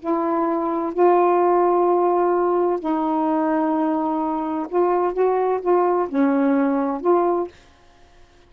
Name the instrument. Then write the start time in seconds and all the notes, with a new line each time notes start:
saxophone
0.00 E4
0.94 F4
2.80 D#4
4.69 F4
5.13 F#4
5.61 F4
6.09 C#4
7.01 F4